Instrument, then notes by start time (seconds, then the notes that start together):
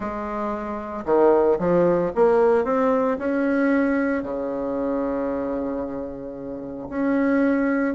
bassoon
0.00 G#3
1.05 D#3
1.59 F3
2.15 A#3
2.64 C4
3.18 C#4
4.22 C#3
6.89 C#4